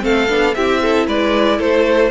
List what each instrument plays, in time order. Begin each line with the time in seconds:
0.00 cello A3, viola C4, violin A4 F5
0.29 cello B3, viola D4
0.54 cello C4, viola E4, violin G4 E5
0.82 violin A4
1.07 cello G#3, violin B4 D5
1.57 cello A3, violin A4 C5